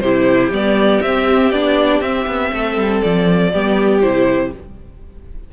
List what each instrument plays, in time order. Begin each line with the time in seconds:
0.00 cello C3, viola E4, violin G4 C5
0.50 cello G3, viola B3, violin D5
1.02 cello C4, viola C4, violin E5
1.51 cello B3, viola D4, violin D5
2.01 cello C4, viola C4, violin E5
2.27 cello B3
2.53 cello A3, violin A4
2.77 cello G3
3.03 cello F3, violin D5
3.52 cello G3, viola B3, violin G4
4.02 cello C3, viola E4, violin C5